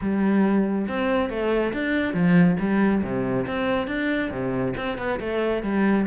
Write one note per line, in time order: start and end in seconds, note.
0.01 0.87 G3
0.88 1.29 C4
1.29 1.72 A3
1.73 2.13 D4
2.13 2.57 F3
2.59 3.02 G3
3.03 3.46 C3
3.46 3.87 C4
3.87 4.30 D4
4.30 4.73 C3
4.77 4.98 C4
4.98 5.19 B3
5.19 5.62 A3
5.62 6.05 G3